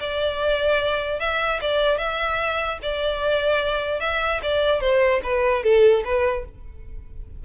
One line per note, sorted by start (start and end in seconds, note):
0.00 1.20 D5
1.20 1.60 E5
1.61 1.98 D5
1.98 2.79 E5
2.82 4.01 D5
4.01 4.41 E5
4.43 4.81 D5
4.81 5.21 C5
5.24 5.64 B4
5.64 6.04 A4
6.05 6.45 B4